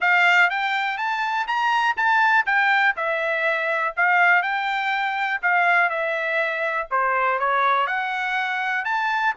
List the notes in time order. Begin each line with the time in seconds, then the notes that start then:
0.00 F5
0.50 G5
0.97 A5
1.47 A#5
1.96 A5
2.46 G5
2.96 E5
3.96 F5
4.42 G5
5.42 F5
5.89 E5
6.90 C5
7.39 C#5
7.86 F#5
8.85 A5